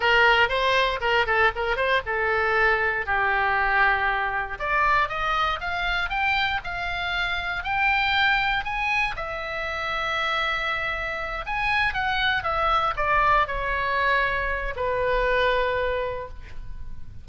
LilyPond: \new Staff \with { instrumentName = "oboe" } { \time 4/4 \tempo 4 = 118 ais'4 c''4 ais'8 a'8 ais'8 c''8 | a'2 g'2~ | g'4 d''4 dis''4 f''4 | g''4 f''2 g''4~ |
g''4 gis''4 e''2~ | e''2~ e''8 gis''4 fis''8~ | fis''8 e''4 d''4 cis''4.~ | cis''4 b'2. | }